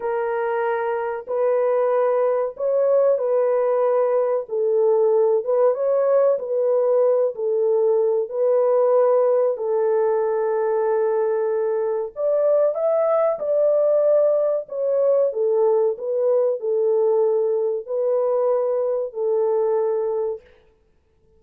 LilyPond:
\new Staff \with { instrumentName = "horn" } { \time 4/4 \tempo 4 = 94 ais'2 b'2 | cis''4 b'2 a'4~ | a'8 b'8 cis''4 b'4. a'8~ | a'4 b'2 a'4~ |
a'2. d''4 | e''4 d''2 cis''4 | a'4 b'4 a'2 | b'2 a'2 | }